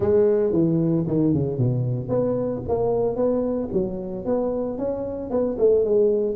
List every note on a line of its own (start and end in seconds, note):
0.00 0.52 G#3
0.52 1.05 E3
1.07 1.33 D#3
1.33 1.58 C#3
1.58 2.08 B2
2.08 2.62 B3
2.68 3.16 A#3
3.16 3.69 B3
3.72 4.25 F#3
4.25 4.78 B3
4.78 5.30 C#4
5.30 5.57 B3
5.58 5.84 A3
5.84 6.35 G#3